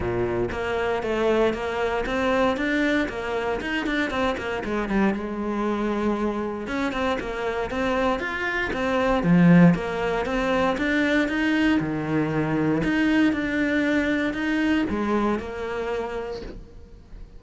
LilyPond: \new Staff \with { instrumentName = "cello" } { \time 4/4 \tempo 4 = 117 ais,4 ais4 a4 ais4 | c'4 d'4 ais4 dis'8 d'8 | c'8 ais8 gis8 g8 gis2~ | gis4 cis'8 c'8 ais4 c'4 |
f'4 c'4 f4 ais4 | c'4 d'4 dis'4 dis4~ | dis4 dis'4 d'2 | dis'4 gis4 ais2 | }